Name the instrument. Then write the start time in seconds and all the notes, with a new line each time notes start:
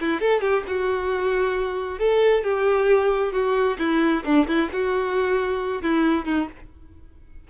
violin
0.00 E4
0.20 A4
0.41 G4
0.67 F#4
1.99 A4
2.44 G4
3.33 F#4
3.78 E4
4.24 D4
4.47 E4
4.72 F#4
5.82 E4
6.25 D#4